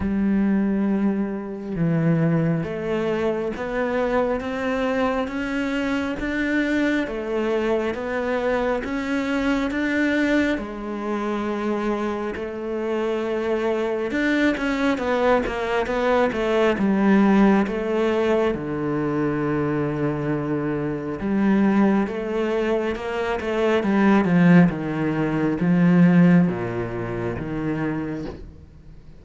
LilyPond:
\new Staff \with { instrumentName = "cello" } { \time 4/4 \tempo 4 = 68 g2 e4 a4 | b4 c'4 cis'4 d'4 | a4 b4 cis'4 d'4 | gis2 a2 |
d'8 cis'8 b8 ais8 b8 a8 g4 | a4 d2. | g4 a4 ais8 a8 g8 f8 | dis4 f4 ais,4 dis4 | }